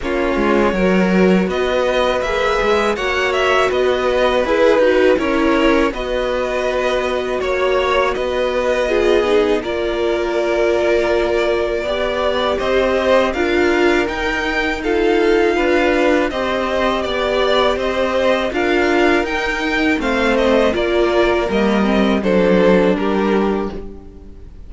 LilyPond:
<<
  \new Staff \with { instrumentName = "violin" } { \time 4/4 \tempo 4 = 81 cis''2 dis''4 e''4 | fis''8 e''8 dis''4 b'4 cis''4 | dis''2 cis''4 dis''4~ | dis''4 d''2.~ |
d''4 dis''4 f''4 g''4 | f''2 dis''4 d''4 | dis''4 f''4 g''4 f''8 dis''8 | d''4 dis''4 c''4 ais'4 | }
  \new Staff \with { instrumentName = "violin" } { \time 4/4 f'4 ais'4 b'2 | cis''4 b'2 ais'4 | b'2 cis''4 b'4 | gis'4 ais'2. |
d''4 c''4 ais'2 | a'4 b'4 c''4 d''4 | c''4 ais'2 c''4 | ais'2 a'4 g'4 | }
  \new Staff \with { instrumentName = "viola" } { \time 4/4 cis'4 fis'2 gis'4 | fis'2 gis'8 fis'8 e'4 | fis'1 | f'8 dis'8 f'2. |
g'2 f'4 dis'4 | f'2 g'2~ | g'4 f'4 dis'4 c'4 | f'4 ais8 c'8 d'2 | }
  \new Staff \with { instrumentName = "cello" } { \time 4/4 ais8 gis8 fis4 b4 ais8 gis8 | ais4 b4 e'8 dis'8 cis'4 | b2 ais4 b4~ | b4 ais2. |
b4 c'4 d'4 dis'4~ | dis'4 d'4 c'4 b4 | c'4 d'4 dis'4 a4 | ais4 g4 fis4 g4 | }
>>